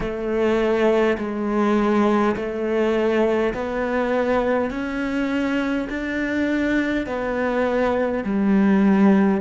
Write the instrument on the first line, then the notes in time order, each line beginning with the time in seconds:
cello
0.00 A3
1.18 G#3
2.35 A3
3.53 B3
4.70 C#4
5.89 D4
7.06 B3
8.24 G3